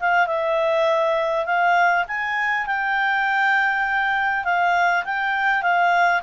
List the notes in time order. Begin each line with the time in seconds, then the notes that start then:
0.00 F5
0.27 E5
1.46 F5
2.08 G#5
2.66 G5
4.44 F5
5.05 G5
5.62 F5